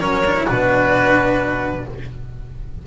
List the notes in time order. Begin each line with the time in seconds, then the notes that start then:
0.00 F#3 C#4 A#4 C#5
0.26 D4
0.36 E4
0.46 B2 D4 F#4 B4